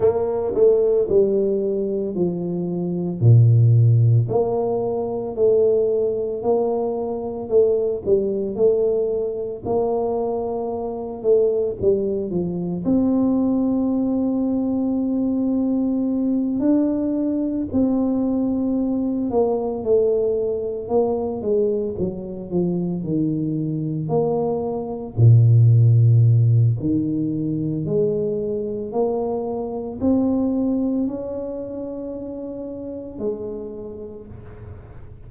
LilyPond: \new Staff \with { instrumentName = "tuba" } { \time 4/4 \tempo 4 = 56 ais8 a8 g4 f4 ais,4 | ais4 a4 ais4 a8 g8 | a4 ais4. a8 g8 f8 | c'2.~ c'8 d'8~ |
d'8 c'4. ais8 a4 ais8 | gis8 fis8 f8 dis4 ais4 ais,8~ | ais,4 dis4 gis4 ais4 | c'4 cis'2 gis4 | }